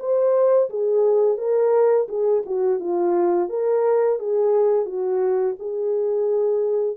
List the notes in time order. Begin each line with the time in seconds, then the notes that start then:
0.00 C5
0.70 G#4
1.38 A#4
2.09 G#4
2.46 F#4
2.80 F4
3.50 A#4
4.20 G#4
4.86 F#4
5.60 G#4